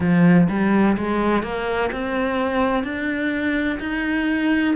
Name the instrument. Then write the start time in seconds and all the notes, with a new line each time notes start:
cello
0.00 F3
0.48 G3
0.97 G#3
1.42 A#3
1.91 C4
2.83 D4
3.79 D#4